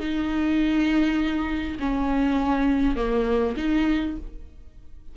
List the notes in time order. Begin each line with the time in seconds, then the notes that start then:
0.00 D#4
1.80 C#4
2.96 A#3
3.58 D#4